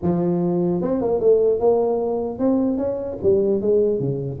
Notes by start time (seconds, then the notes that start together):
0.02 F3
0.81 C4
1.01 A#3
1.20 A3
1.59 A#3
2.39 C4
2.77 C#4
3.22 G3
3.61 G#3
3.99 C#3